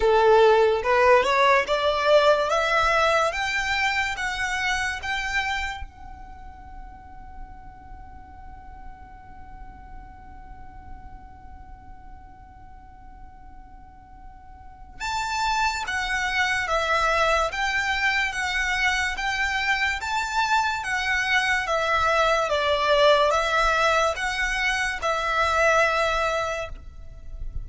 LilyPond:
\new Staff \with { instrumentName = "violin" } { \time 4/4 \tempo 4 = 72 a'4 b'8 cis''8 d''4 e''4 | g''4 fis''4 g''4 fis''4~ | fis''1~ | fis''1~ |
fis''2 a''4 fis''4 | e''4 g''4 fis''4 g''4 | a''4 fis''4 e''4 d''4 | e''4 fis''4 e''2 | }